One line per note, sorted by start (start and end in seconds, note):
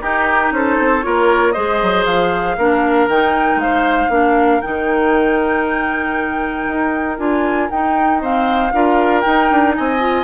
0.00 1.02 D#4
0.00 0.51 D#4
0.00 0.53 G4
0.00 0.52 A#4
0.51 0.76 C#4
0.51 1.05 A4
0.51 1.02 C5
0.78 1.04 C4
1.02 1.56 A#3
1.02 1.53 F4
1.02 1.53 A#4
1.02 1.52 C#5
1.52 1.82 G#3
1.52 2.57 G#4
1.52 2.56 C5
1.52 2.03 D#5
1.82 2.06 F#3
2.05 2.57 F3
2.05 3.08 F5
2.57 3.07 A#3
2.57 3.10 D4
2.57 3.61 A#4
3.07 3.55 D#3
3.07 4.10 D#4
3.07 3.60 G5
3.55 4.07 G#3
3.55 4.61 F5
3.61 4.12 C5
4.09 4.60 A#3
4.09 4.61 D4
4.09 8.21 A#4
4.61 6.67 D#3
4.61 7.17 D#4
4.61 7.17 G5
6.67 7.18 D#4
7.17 7.70 D4
7.17 7.69 F4
7.17 7.69 G#5
7.70 8.73 D#4
7.70 8.20 D#4
7.70 8.21 G5
8.20 8.71 C4
8.20 8.73 C5
8.20 9.21 F5
8.73 9.24 D4
8.73 9.24 F4
8.73 9.76 A#4
9.21 9.99 D#4
9.21 9.51 D#4
9.21 9.72 G5
9.51 9.76 D4
9.75 10.23 C4
9.75 10.23 D#5
9.75 10.23 G#5
9.99 10.23 F4